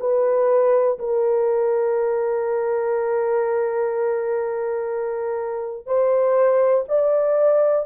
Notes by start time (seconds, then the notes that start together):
0.00 B4
0.99 A#4
5.86 C5
6.89 D5